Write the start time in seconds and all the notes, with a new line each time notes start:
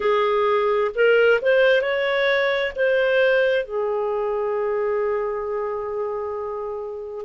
0.00 G#4
0.94 A#4
1.41 C5
1.81 C#5
2.75 C5
3.64 G#4